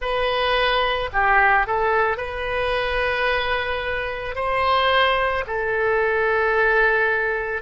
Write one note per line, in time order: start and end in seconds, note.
0.00 1.10 B4
1.13 1.67 G4
1.67 2.17 A4
2.17 4.35 B4
4.35 5.44 C5
5.46 7.62 A4